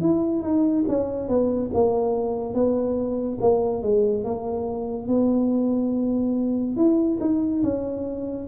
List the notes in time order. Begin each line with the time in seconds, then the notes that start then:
0.00 E4
0.42 D#4
0.88 C#4
1.28 B3
1.73 A#3
2.54 B3
3.40 A#3
3.82 G#3
4.24 A#3
5.07 B3
6.76 E4
7.20 D#4
7.63 C#4